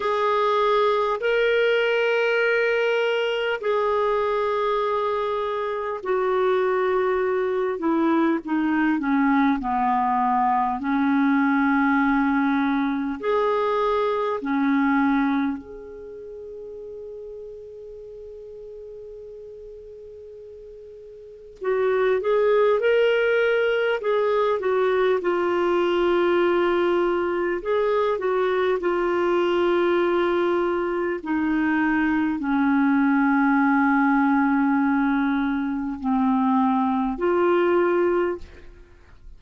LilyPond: \new Staff \with { instrumentName = "clarinet" } { \time 4/4 \tempo 4 = 50 gis'4 ais'2 gis'4~ | gis'4 fis'4. e'8 dis'8 cis'8 | b4 cis'2 gis'4 | cis'4 gis'2.~ |
gis'2 fis'8 gis'8 ais'4 | gis'8 fis'8 f'2 gis'8 fis'8 | f'2 dis'4 cis'4~ | cis'2 c'4 f'4 | }